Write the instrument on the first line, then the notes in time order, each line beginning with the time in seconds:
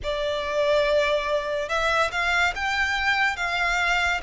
violin
0.03 D5
1.68 E5
2.11 F5
2.55 G5
3.36 F5